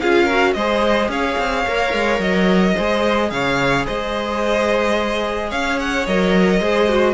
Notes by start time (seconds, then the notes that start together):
0.00 C#4 F4 G#4 F5
0.24 F#4 A#4
0.53 G#3 G#4 C5 D#5
1.08 C#4 C#5 F5
1.38 C4
1.67 A#3 A#4
1.93 G#3
2.19 F#3 D#5
2.74 G#3 G#4 C5
3.30 C#3 C#5 F5
3.86 G#3 C5 D#5
5.49 C#4 C#5 F5
5.79 F#5
6.06 F#3 A#4 D#5
6.60 G#3 G#4 C5
6.89 F#4